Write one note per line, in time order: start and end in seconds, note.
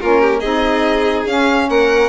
0.00 0.43 A#3
0.00 0.43 C#4
0.00 0.20 F4
0.00 0.40 A#4
0.20 0.39 G4
0.39 1.25 C4
0.39 1.28 D#4
0.39 1.66 G#4
0.39 1.24 D#5
1.25 1.67 C#4
1.25 2.09 C#4
1.25 1.69 F5
1.69 2.09 A#3
1.69 2.09 A#4
1.69 2.09 F#5